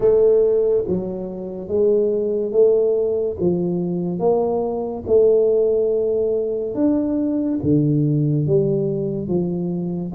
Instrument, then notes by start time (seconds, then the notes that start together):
tuba
0.00 A3
0.87 F#3
1.67 G#3
2.51 A3
3.40 F3
4.19 A#3
5.06 A3
6.75 D4
7.62 D3
8.46 G3
9.28 F3